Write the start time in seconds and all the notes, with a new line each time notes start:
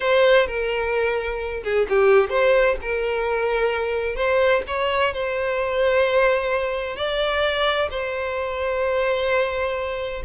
0.00 C5
0.47 A#4
1.63 G#4
1.89 G4
2.29 C5
2.81 A#4
4.15 C5
4.67 C#5
5.13 C5
6.96 D5
7.90 C5